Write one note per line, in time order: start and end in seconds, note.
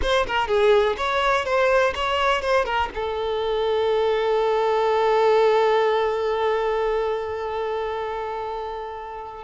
0.02 0.26 C5
0.27 0.47 A#4
0.47 0.96 G#4
0.97 1.45 C#5
1.45 1.93 C5
1.94 2.41 C#5
2.41 2.65 C5
2.65 2.89 A#4
2.94 9.44 A4